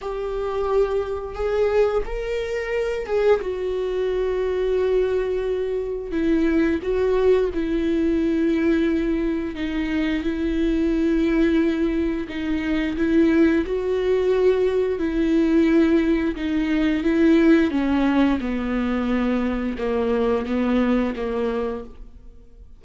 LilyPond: \new Staff \with { instrumentName = "viola" } { \time 4/4 \tempo 4 = 88 g'2 gis'4 ais'4~ | ais'8 gis'8 fis'2.~ | fis'4 e'4 fis'4 e'4~ | e'2 dis'4 e'4~ |
e'2 dis'4 e'4 | fis'2 e'2 | dis'4 e'4 cis'4 b4~ | b4 ais4 b4 ais4 | }